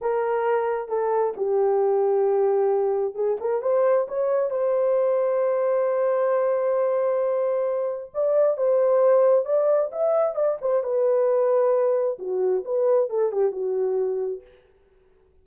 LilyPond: \new Staff \with { instrumentName = "horn" } { \time 4/4 \tempo 4 = 133 ais'2 a'4 g'4~ | g'2. gis'8 ais'8 | c''4 cis''4 c''2~ | c''1~ |
c''2 d''4 c''4~ | c''4 d''4 e''4 d''8 c''8 | b'2. fis'4 | b'4 a'8 g'8 fis'2 | }